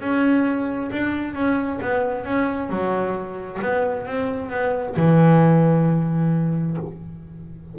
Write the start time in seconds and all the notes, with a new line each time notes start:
0.00 C#4
0.91 D4
1.34 C#4
1.81 B3
2.25 C#4
2.70 F#3
3.62 B3
4.06 C4
4.50 B3
4.96 E3